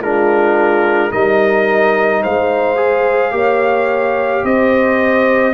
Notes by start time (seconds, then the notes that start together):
0.00 G#3 D4 F4 A#4
1.10 G3 D#4 A#4 D#5
2.23 G#3 C5 F5
2.76 G#4
3.31 A#3 G4 C#5
4.44 C4 C5 D#5